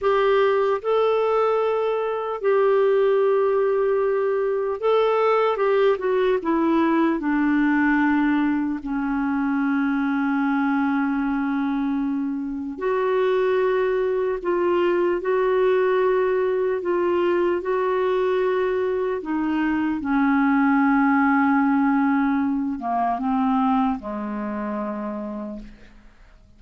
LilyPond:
\new Staff \with { instrumentName = "clarinet" } { \time 4/4 \tempo 4 = 75 g'4 a'2 g'4~ | g'2 a'4 g'8 fis'8 | e'4 d'2 cis'4~ | cis'1 |
fis'2 f'4 fis'4~ | fis'4 f'4 fis'2 | dis'4 cis'2.~ | cis'8 ais8 c'4 gis2 | }